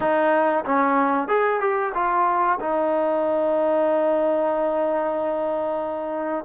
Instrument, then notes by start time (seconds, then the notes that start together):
trombone
0.00 D#4
0.65 C#4
1.28 G#4
1.60 G4
1.94 F4
2.60 D#4